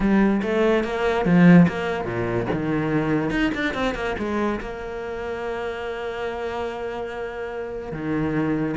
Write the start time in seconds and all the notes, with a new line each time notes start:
0.00 G3
0.42 A3
0.84 A#3
1.25 F3
1.68 A#3
2.04 A#2
2.52 D#3
3.30 D#4
3.54 D4
3.74 C4
3.95 A#3
4.18 G#3
4.60 A#3
7.92 D#3